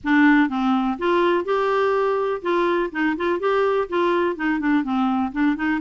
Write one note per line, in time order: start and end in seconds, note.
0.04 0.49 D4
0.49 0.97 C4
0.98 1.45 F4
1.45 2.41 G4
2.42 2.90 F4
2.91 3.16 D#4
3.16 3.39 F4
3.39 3.88 G4
3.88 4.35 F4
4.35 4.59 D#4
4.59 4.83 D4
4.83 5.31 C4
5.32 5.56 D4
5.56 5.80 D#4